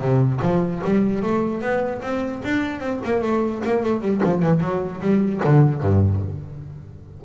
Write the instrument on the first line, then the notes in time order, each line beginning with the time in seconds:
double bass
0.00 C3
0.42 F3
0.84 G3
1.22 A3
1.61 B3
2.01 C4
2.44 D4
2.80 C4
3.05 A#3
3.21 A3
3.64 A#3
3.83 A3
4.01 G3
4.23 F3
4.42 E3
4.60 F#3
5.01 G3
5.44 D3
5.80 G2